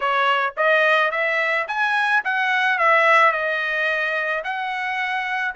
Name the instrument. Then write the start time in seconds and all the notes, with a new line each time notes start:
trumpet
0.00 C#5
0.57 D#5
1.11 E5
1.67 G#5
2.24 F#5
2.78 E5
3.32 D#5
4.43 F#5